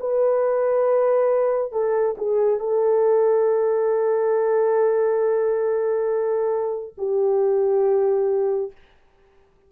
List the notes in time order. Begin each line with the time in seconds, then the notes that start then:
0.00 B4
1.72 A4
2.18 G#4
2.60 A4
6.98 G4